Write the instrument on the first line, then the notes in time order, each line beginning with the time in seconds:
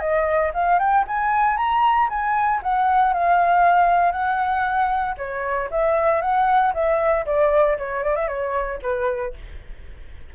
flute
0.00 D#5
0.54 F5
0.79 G5
1.08 G#5
1.57 A#5
2.09 G#5
2.63 F#5
3.13 F5
4.12 F#5
5.17 C#5
5.71 E5
6.21 F#5
6.74 E5
7.26 D5
7.78 C#5
8.04 D5
8.16 E5
8.28 C#5
8.82 B4